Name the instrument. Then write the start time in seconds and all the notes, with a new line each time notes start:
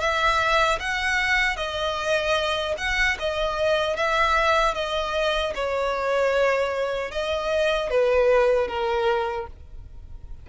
violin
0.00 E5
0.80 F#5
1.56 D#5
2.78 F#5
3.19 D#5
3.96 E5
4.75 D#5
5.55 C#5
7.11 D#5
7.90 B4
8.68 A#4